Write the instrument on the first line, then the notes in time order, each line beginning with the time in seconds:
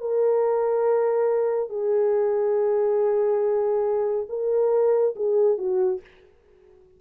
horn
0.00 A#4
1.69 G#4
4.29 A#4
5.15 G#4
5.58 F#4